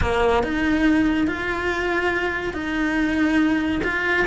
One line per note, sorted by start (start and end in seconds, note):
0.01 0.43 A#3
0.43 1.27 D#4
1.27 2.53 F4
2.53 3.81 D#4
3.83 4.26 F4